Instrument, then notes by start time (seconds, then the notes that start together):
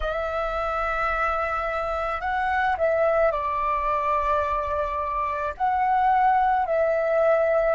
flute
0.00 E5
2.20 F#5
2.77 E5
3.31 D5
5.57 F#5
6.66 E5